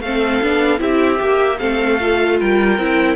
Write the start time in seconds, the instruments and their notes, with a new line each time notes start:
0.00 cello A3, viola C4, violin A4 F5
0.42 cello B3, viola D4
0.78 cello C4, viola E4, violin G4 E5
1.18 cello A#3, viola G4
1.58 cello A3, viola C4, violin A4 F5
2.00 viola F4
2.39 cello G3, violin A#4 G5
2.78 cello C4, viola E4